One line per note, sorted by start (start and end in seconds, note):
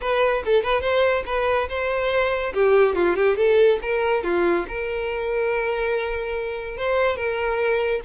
0.01 0.43 B4
0.45 0.63 A4
0.63 0.81 B4
0.81 1.23 C5
1.26 1.68 B4
1.68 2.53 C5
2.53 2.95 G4
2.95 3.16 F4
3.16 3.36 G4
3.36 3.79 A4
3.82 4.23 A#4
4.23 4.65 F4
4.68 6.77 A#4
6.77 7.16 C5
7.16 8.00 A#4